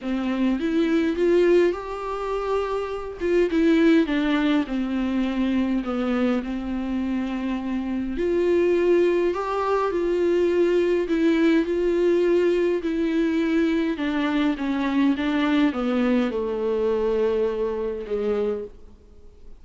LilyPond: \new Staff \with { instrumentName = "viola" } { \time 4/4 \tempo 4 = 103 c'4 e'4 f'4 g'4~ | g'4. f'8 e'4 d'4 | c'2 b4 c'4~ | c'2 f'2 |
g'4 f'2 e'4 | f'2 e'2 | d'4 cis'4 d'4 b4 | a2. gis4 | }